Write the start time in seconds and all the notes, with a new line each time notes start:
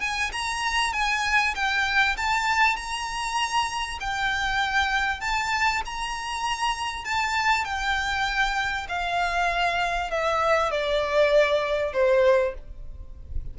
0.00 G#5
0.32 A#5
0.93 G#5
1.54 G5
2.17 A5
2.76 A#5
4.00 G5
5.20 A5
5.85 A#5
7.04 A5
7.64 G5
8.88 F5
10.10 E5
10.71 D5
11.92 C5